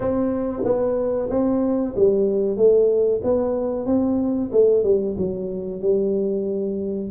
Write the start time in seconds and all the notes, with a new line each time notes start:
0.00 C4
0.64 B3
1.30 C4
1.95 G3
2.56 A3
3.23 B3
3.86 C4
4.52 A3
4.83 G3
5.17 F#3
5.81 G3